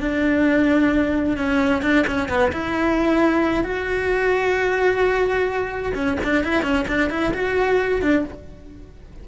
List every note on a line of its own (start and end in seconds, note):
0.00 1.37 D4
1.37 1.82 C#4
1.82 2.05 D4
2.07 2.29 C#4
2.29 2.51 B3
2.52 3.64 E4
3.64 5.93 F#4
5.94 6.17 C#4
6.24 6.44 D4
6.44 6.62 E4
6.62 6.85 C#4
6.87 7.10 D4
7.10 7.33 E4
7.34 8.02 F#4
8.02 8.24 D4